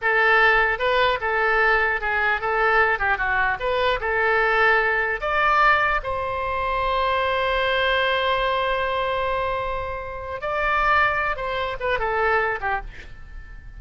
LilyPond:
\new Staff \with { instrumentName = "oboe" } { \time 4/4 \tempo 4 = 150 a'2 b'4 a'4~ | a'4 gis'4 a'4. g'8 | fis'4 b'4 a'2~ | a'4 d''2 c''4~ |
c''1~ | c''1~ | c''2 d''2~ | d''8 c''4 b'8 a'4. g'8 | }